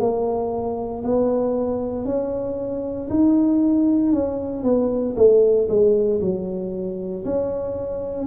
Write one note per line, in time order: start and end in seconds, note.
0.00 1.03 A#3
1.03 2.05 B3
2.05 3.09 C#4
3.10 4.13 D#4
4.13 4.64 C#4
4.64 5.15 B3
5.16 5.68 A3
5.69 6.21 G#3
6.21 7.25 F#3
7.25 8.27 C#4